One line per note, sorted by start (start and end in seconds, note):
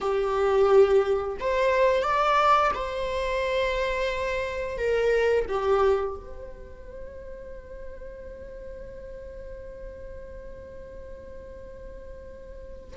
0.00 1.37 G4
1.40 2.03 C5
2.03 2.71 D5
2.74 4.77 C5
4.77 5.45 A#4
5.48 6.15 G4
6.15 12.96 C5